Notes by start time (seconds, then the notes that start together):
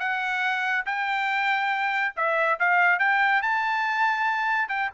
0.00 F#5
0.86 G5
2.16 E5
2.60 F5
3.00 G5
3.43 A5
4.69 G5